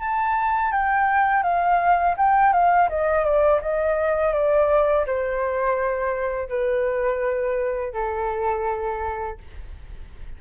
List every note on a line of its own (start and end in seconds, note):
0.00 0.71 A5
0.71 1.43 G5
1.43 2.15 F5
2.17 2.53 G5
2.53 2.89 F5
2.89 3.24 D#5
3.24 3.60 D5
3.61 4.33 D#5
4.33 5.05 D5
5.06 6.49 C5
6.49 7.93 B4
7.93 9.37 A4